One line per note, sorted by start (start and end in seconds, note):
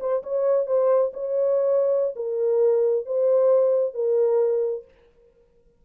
0.00 0.23 C5
0.23 0.67 C#5
0.67 1.12 C5
1.13 2.15 C#5
2.16 3.06 A#4
3.06 3.94 C5
3.94 4.84 A#4